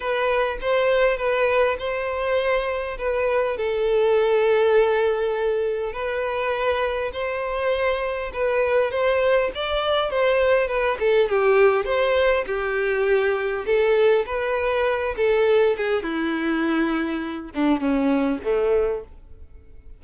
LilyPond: \new Staff \with { instrumentName = "violin" } { \time 4/4 \tempo 4 = 101 b'4 c''4 b'4 c''4~ | c''4 b'4 a'2~ | a'2 b'2 | c''2 b'4 c''4 |
d''4 c''4 b'8 a'8 g'4 | c''4 g'2 a'4 | b'4. a'4 gis'8 e'4~ | e'4. d'8 cis'4 a4 | }